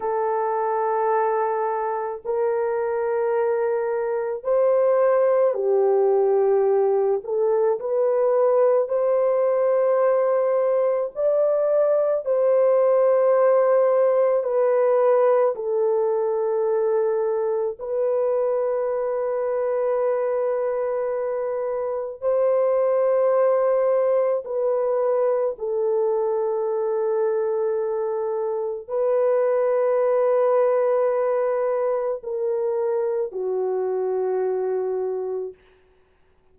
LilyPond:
\new Staff \with { instrumentName = "horn" } { \time 4/4 \tempo 4 = 54 a'2 ais'2 | c''4 g'4. a'8 b'4 | c''2 d''4 c''4~ | c''4 b'4 a'2 |
b'1 | c''2 b'4 a'4~ | a'2 b'2~ | b'4 ais'4 fis'2 | }